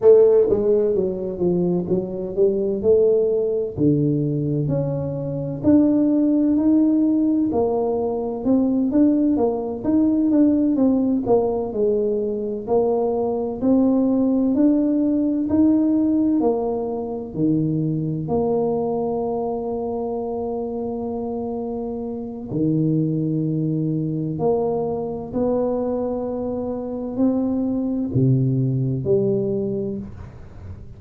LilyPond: \new Staff \with { instrumentName = "tuba" } { \time 4/4 \tempo 4 = 64 a8 gis8 fis8 f8 fis8 g8 a4 | d4 cis'4 d'4 dis'4 | ais4 c'8 d'8 ais8 dis'8 d'8 c'8 | ais8 gis4 ais4 c'4 d'8~ |
d'8 dis'4 ais4 dis4 ais8~ | ais1 | dis2 ais4 b4~ | b4 c'4 c4 g4 | }